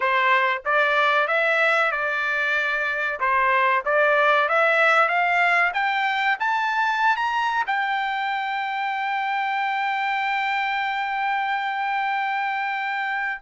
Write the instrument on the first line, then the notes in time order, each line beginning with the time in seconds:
trumpet
0.00 C5
0.65 D5
1.27 E5
1.91 D5
3.19 C5
3.85 D5
4.48 E5
5.08 F5
5.73 G5
6.39 A5
7.16 A#5
7.66 G5